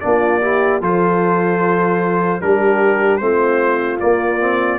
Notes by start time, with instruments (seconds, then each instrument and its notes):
0.00 tuba A#3, trombone D4, trumpet D5
0.06 horn F4
0.41 trombone E4, horn G4
0.81 tuba F3, trombone F4, horn A4, trumpet C5
2.41 tuba G3, trombone D4, horn G4, trumpet A#4
3.17 tuba A3, trombone C4, horn F4, trumpet C5
3.99 trombone A#3, tuba A#3, trumpet D5
4.39 trombone C4